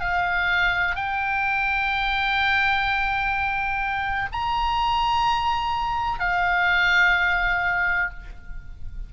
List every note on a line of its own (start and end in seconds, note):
0.00 0.95 F5
0.95 4.29 G5
4.32 6.19 A#5
6.19 8.10 F5